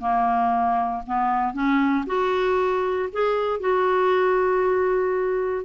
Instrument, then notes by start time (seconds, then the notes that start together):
clarinet
0.00 A#3
1.06 B3
1.53 C#4
2.07 F#4
3.12 G#4
3.60 F#4